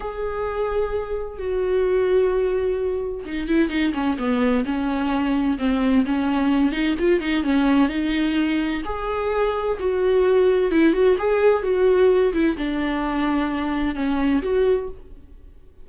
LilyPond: \new Staff \with { instrumentName = "viola" } { \time 4/4 \tempo 4 = 129 gis'2. fis'4~ | fis'2. dis'8 e'8 | dis'8 cis'8 b4 cis'2 | c'4 cis'4. dis'8 f'8 dis'8 |
cis'4 dis'2 gis'4~ | gis'4 fis'2 e'8 fis'8 | gis'4 fis'4. e'8 d'4~ | d'2 cis'4 fis'4 | }